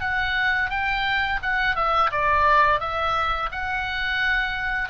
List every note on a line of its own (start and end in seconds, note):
0.00 0.69 F#5
0.69 1.39 G5
1.42 1.75 F#5
1.75 2.10 E5
2.11 2.79 D5
2.79 3.49 E5
3.51 4.89 F#5